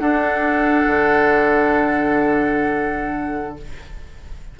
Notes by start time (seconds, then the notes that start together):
0.00 D4 A4 F#5
0.87 D3